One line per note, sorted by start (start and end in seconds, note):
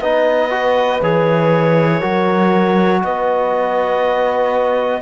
0.00 1.01 B3
0.00 0.50 D#4
0.00 1.99 B4
0.00 1.01 D#5
0.50 1.00 F#4
1.01 2.01 E3
1.01 2.01 G#4
1.01 3.02 C#5
1.99 3.03 F#3
1.99 5.01 F#4
1.99 2.99 A#4
3.03 5.01 B3
3.03 5.01 B4
3.03 5.01 D#5